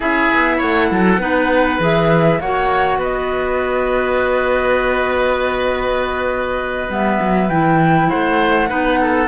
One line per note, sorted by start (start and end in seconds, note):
0.00 0.31 C#4
0.00 1.19 E4
0.00 0.57 G#4
0.00 0.60 E5
0.33 0.62 B3
0.57 0.91 A3
0.57 0.87 C#5
0.57 1.80 F#5
0.91 1.17 F#3
0.91 1.20 A4
1.17 1.77 B3
1.17 1.79 D#4
1.17 2.40 B4
1.79 2.39 E3
1.79 2.40 G#4
1.79 2.40 E5
2.40 2.98 A#3
2.40 6.89 F#4
2.40 2.98 C#5
2.40 3.00 F#5
2.98 6.88 B3
2.98 8.09 B4
2.98 6.92 D#5
6.89 7.19 G3
6.89 7.49 B3
6.89 7.49 E5
7.20 7.49 F#3
7.49 8.09 E3
7.49 8.68 E4
7.49 8.09 G5
8.09 8.70 A3
8.09 8.69 C5
8.09 9.27 F#5
8.68 9.27 B3
8.68 9.27 D#4
8.68 8.99 B4
9.00 9.27 A4